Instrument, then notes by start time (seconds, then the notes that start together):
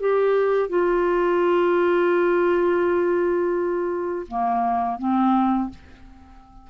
clarinet
0.00 G4
0.69 F4
4.28 A#3
4.98 C4